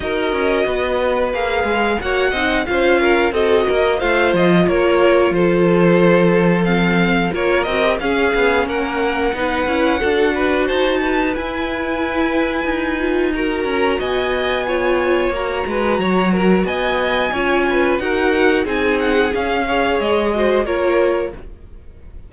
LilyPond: <<
  \new Staff \with { instrumentName = "violin" } { \time 4/4 \tempo 4 = 90 dis''2 f''4 fis''4 | f''4 dis''4 f''8 dis''8 cis''4 | c''2 f''4 cis''8 dis''8 | f''4 fis''2. |
a''4 gis''2. | ais''4 gis''2 ais''4~ | ais''4 gis''2 fis''4 | gis''8 fis''8 f''4 dis''4 cis''4 | }
  \new Staff \with { instrumentName = "violin" } { \time 4/4 ais'4 b'2 cis''8 dis''8 | c''8 ais'8 a'8 ais'8 c''4 ais'4 | a'2. ais'4 | gis'4 ais'4 b'4 a'8 b'8 |
c''8 b'2.~ b'8 | ais'4 dis''4 cis''4. b'8 | cis''8 ais'8 dis''4 cis''8 b'8 ais'4 | gis'4. cis''4 c''8 ais'4 | }
  \new Staff \with { instrumentName = "viola" } { \time 4/4 fis'2 gis'4 fis'8 dis'8 | f'4 fis'4 f'2~ | f'2 c'4 f'8 fis'16 g'16 | cis'2 dis'8 e'8 fis'4~ |
fis'4 e'2~ e'8 f'8 | fis'2 f'4 fis'4~ | fis'2 f'4 fis'4 | dis'4 cis'8 gis'4 fis'8 f'4 | }
  \new Staff \with { instrumentName = "cello" } { \time 4/4 dis'8 cis'8 b4 ais8 gis8 ais8 c'8 | cis'4 c'8 ais8 a8 f8 ais4 | f2. ais8 c'8 | cis'8 b8 ais4 b8 cis'8 d'4 |
dis'4 e'2 dis'4~ | dis'8 cis'8 b2 ais8 gis8 | fis4 b4 cis'4 dis'4 | c'4 cis'4 gis4 ais4 | }
>>